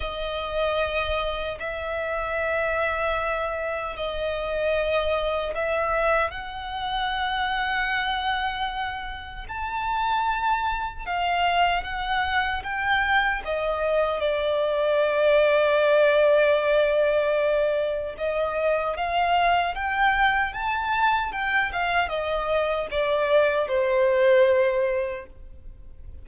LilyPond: \new Staff \with { instrumentName = "violin" } { \time 4/4 \tempo 4 = 76 dis''2 e''2~ | e''4 dis''2 e''4 | fis''1 | a''2 f''4 fis''4 |
g''4 dis''4 d''2~ | d''2. dis''4 | f''4 g''4 a''4 g''8 f''8 | dis''4 d''4 c''2 | }